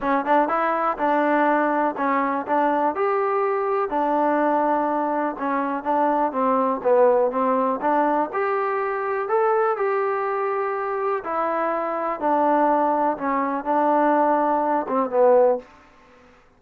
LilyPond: \new Staff \with { instrumentName = "trombone" } { \time 4/4 \tempo 4 = 123 cis'8 d'8 e'4 d'2 | cis'4 d'4 g'2 | d'2. cis'4 | d'4 c'4 b4 c'4 |
d'4 g'2 a'4 | g'2. e'4~ | e'4 d'2 cis'4 | d'2~ d'8 c'8 b4 | }